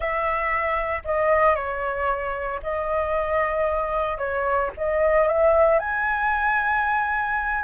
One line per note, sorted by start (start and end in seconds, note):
0.00 1.02 E5
1.05 1.55 D#5
1.55 2.60 C#5
2.62 4.17 D#5
4.17 4.70 C#5
4.77 5.27 D#5
5.27 5.79 E5
5.79 7.63 G#5